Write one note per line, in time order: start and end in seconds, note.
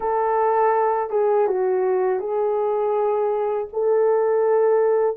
0.00 1.09 A4
1.09 1.46 G#4
1.47 2.19 F#4
2.19 3.67 G#4
3.72 5.16 A4